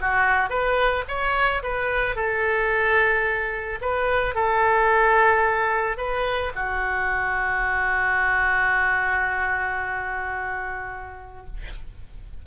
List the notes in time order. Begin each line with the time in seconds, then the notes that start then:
0.00 F#4
0.49 B4
1.07 C#5
1.63 B4
2.15 A4
3.81 B4
4.34 A4
5.97 B4
6.55 F#4